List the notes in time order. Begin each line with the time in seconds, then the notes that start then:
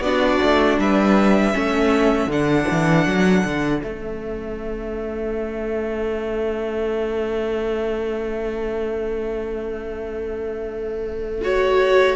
0.00 B3 D4 F#4 D5
0.43 A3
0.78 G3 B4 E5
1.54 A3 C#4 A4
2.27 D3 D4 F#5
2.71 E3
3.07 F#3
3.45 D3
3.82 A3 C#4 E5
11.42 F#4 C#5